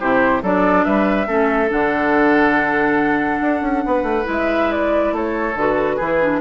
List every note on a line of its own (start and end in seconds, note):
0.00 0.43 C3
0.00 0.43 E4
0.00 0.43 G4
0.00 0.43 C5
0.43 0.86 F#3
0.43 1.27 D4
0.43 0.86 A4
0.43 0.84 D5
0.84 1.28 G3
0.84 1.27 B4
0.84 1.70 E5
1.27 1.70 A3
1.27 1.68 C#4
1.27 3.84 A4
1.68 3.41 D3
1.68 4.24 D4
1.68 4.29 F#5
3.41 3.62 D4
3.62 3.83 C#4
3.86 4.03 B3
3.86 5.14 B4
4.03 4.24 A3
4.24 5.12 G#3
4.24 5.53 E4
4.32 4.72 E5
4.72 5.15 D5
5.12 5.55 A3
5.12 5.96 A4
5.12 5.59 C#5
5.55 5.98 D3
5.55 6.01 F#4
5.55 6.41 B4
5.96 6.41 E3
5.96 6.22 E4
5.96 6.39 G#4
6.23 6.41 D4